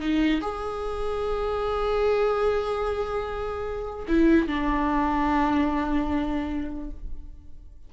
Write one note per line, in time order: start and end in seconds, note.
0.00 0.41 D#4
0.41 4.06 G#4
4.08 4.47 E4
4.47 6.90 D4